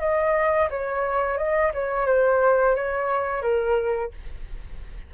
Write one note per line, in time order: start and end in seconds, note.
0.00 0.69 D#5
0.71 1.38 C#5
1.38 1.72 D#5
1.74 2.07 C#5
2.07 2.76 C5
2.76 3.43 C#5
3.43 4.12 A#4